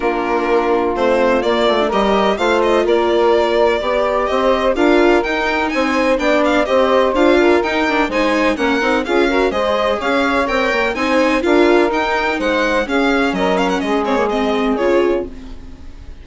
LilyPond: <<
  \new Staff \with { instrumentName = "violin" } { \time 4/4 \tempo 4 = 126 ais'2 c''4 d''4 | dis''4 f''8 dis''8 d''2~ | d''4 dis''4 f''4 g''4 | gis''4 g''8 f''8 dis''4 f''4 |
g''4 gis''4 fis''4 f''4 | dis''4 f''4 g''4 gis''4 | f''4 g''4 fis''4 f''4 | dis''8 f''16 fis''16 dis''8 cis''8 dis''4 cis''4 | }
  \new Staff \with { instrumentName = "saxophone" } { \time 4/4 f'1 | ais'4 c''4 ais'2 | d''4 c''4 ais'2 | c''4 d''4 c''4. ais'8~ |
ais'4 c''4 ais'4 gis'8 ais'8 | c''4 cis''2 c''4 | ais'2 c''4 gis'4 | ais'4 gis'2. | }
  \new Staff \with { instrumentName = "viola" } { \time 4/4 d'2 c'4 ais8. d'16 | g'4 f'2. | g'2 f'4 dis'4~ | dis'4 d'4 g'4 f'4 |
dis'8 d'8 dis'4 cis'8 dis'8 f'8 fis'8 | gis'2 ais'4 dis'4 | f'4 dis'2 cis'4~ | cis'4. c'16 ais16 c'4 f'4 | }
  \new Staff \with { instrumentName = "bassoon" } { \time 4/4 ais2 a4 ais8 a8 | g4 a4 ais2 | b4 c'4 d'4 dis'4 | c'4 b4 c'4 d'4 |
dis'4 gis4 ais8 c'8 cis'4 | gis4 cis'4 c'8 ais8 c'4 | d'4 dis'4 gis4 cis'4 | fis4 gis2 cis4 | }
>>